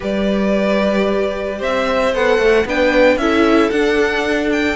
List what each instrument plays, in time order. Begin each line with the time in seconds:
0.00 cello G3, viola G4, violin B4 D5
1.58 cello C4, violin C5 E5
2.13 cello B3, viola A4, violin F#5
2.38 cello A3
2.65 cello B3, viola D4, violin B4 G5
3.16 cello C#4, viola E4, violin A4 E5
3.70 cello D4, viola D4, violin F#5
4.52 violin G5